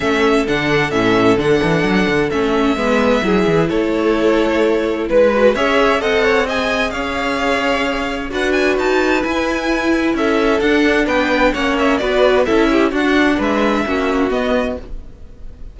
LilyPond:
<<
  \new Staff \with { instrumentName = "violin" } { \time 4/4 \tempo 4 = 130 e''4 fis''4 e''4 fis''4~ | fis''4 e''2. | cis''2. b'4 | e''4 fis''4 gis''4 f''4~ |
f''2 fis''8 gis''8 a''4 | gis''2 e''4 fis''4 | g''4 fis''8 e''8 d''4 e''4 | fis''4 e''2 dis''4 | }
  \new Staff \with { instrumentName = "violin" } { \time 4/4 a'1~ | a'2 b'4 gis'4 | a'2. b'4 | cis''4 dis''8 cis''8 dis''4 cis''4~ |
cis''2 b'2~ | b'2 a'2 | b'4 cis''4 b'4 a'8 g'8 | fis'4 b'4 fis'2 | }
  \new Staff \with { instrumentName = "viola" } { \time 4/4 cis'4 d'4 cis'4 d'4~ | d'4 cis'4 b4 e'4~ | e'2.~ e'8 fis'8 | gis'4 a'4 gis'2~ |
gis'2 fis'2 | e'2. d'4~ | d'4 cis'4 fis'4 e'4 | d'2 cis'4 b4 | }
  \new Staff \with { instrumentName = "cello" } { \time 4/4 a4 d4 a,4 d8 e8 | fis8 d8 a4 gis4 fis8 e8 | a2. gis4 | cis'4 c'2 cis'4~ |
cis'2 d'4 dis'4 | e'2 cis'4 d'4 | b4 ais4 b4 cis'4 | d'4 gis4 ais4 b4 | }
>>